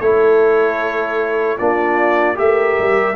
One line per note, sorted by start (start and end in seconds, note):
0.00 1.59 A3
0.00 1.60 E4
0.00 1.58 A4
0.00 1.58 C#5
1.58 2.39 A#3
1.58 2.35 D4
1.58 2.37 F4
1.58 2.37 D5
2.35 2.78 A3
2.35 3.14 G4
2.35 3.16 A#4
2.35 3.16 E5
2.79 3.16 G3